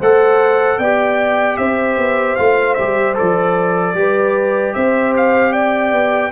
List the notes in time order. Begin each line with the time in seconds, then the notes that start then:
0.00 A3 A4 C5 F#5
0.78 B3 G4 D5 G5
1.57 C4 C5 E5
1.98 B3
2.36 A3 F4 F5
2.75 G3 G4 E5
3.15 F3 A4 D5
3.94 G3 G4 B4
4.74 C4 C5 E5
5.17 F5
5.52 D5 G5
5.93 B3